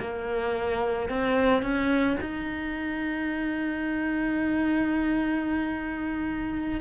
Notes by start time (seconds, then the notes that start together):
0.00 A#3
1.09 C4
1.63 C#4
2.21 D#4